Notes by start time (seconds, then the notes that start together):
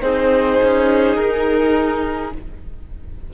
0.00 C4 D#4 G#4 C5
0.62 C#4
1.15 D#4 A#4